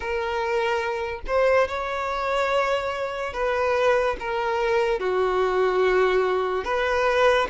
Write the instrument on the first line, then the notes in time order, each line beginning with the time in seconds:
violin
0.00 A#4
1.27 C5
1.67 C#5
3.33 B4
4.19 A#4
4.99 F#4
6.64 B4